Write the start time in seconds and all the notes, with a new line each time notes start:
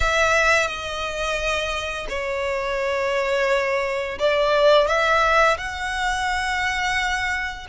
0.00 E5
0.67 D#5
2.09 C#5
4.18 D5
4.87 E5
5.57 F#5